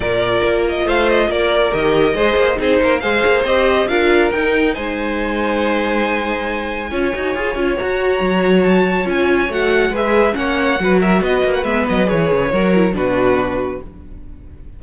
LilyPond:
<<
  \new Staff \with { instrumentName = "violin" } { \time 4/4 \tempo 4 = 139 d''4. dis''8 f''8 dis''8 d''4 | dis''2 c''4 f''4 | dis''4 f''4 g''4 gis''4~ | gis''1~ |
gis''2 ais''2 | a''4 gis''4 fis''4 e''4 | fis''4. e''8 dis''8. fis''16 e''8 dis''8 | cis''2 b'2 | }
  \new Staff \with { instrumentName = "violin" } { \time 4/4 ais'2 c''4 ais'4~ | ais'4 c''4 gis'8 ais'8 c''4~ | c''4 ais'2 c''4~ | c''1 |
cis''1~ | cis''2. b'4 | cis''4 b'8 ais'8 b'2~ | b'4 ais'4 fis'2 | }
  \new Staff \with { instrumentName = "viola" } { \time 4/4 f'1 | g'4 gis'4 dis'4 gis'4 | g'4 f'4 dis'2~ | dis'1 |
f'8 fis'8 gis'8 f'8 fis'2~ | fis'4 f'4 fis'4 gis'4 | cis'4 fis'2 b4 | gis'4 fis'8 e'8 d'2 | }
  \new Staff \with { instrumentName = "cello" } { \time 4/4 ais,4 ais4 a4 ais4 | dis4 gis8 ais8 c'8 ais8 gis8 ais8 | c'4 d'4 dis'4 gis4~ | gis1 |
cis'8 dis'8 f'8 cis'8 fis'4 fis4~ | fis4 cis'4 a4 gis4 | ais4 fis4 b8 ais8 gis8 fis8 | e8 cis8 fis4 b,2 | }
>>